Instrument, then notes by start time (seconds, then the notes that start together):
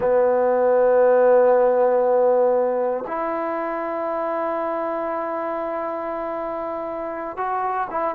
trombone
0.00 B3
3.07 E4
7.36 F#4
7.90 E4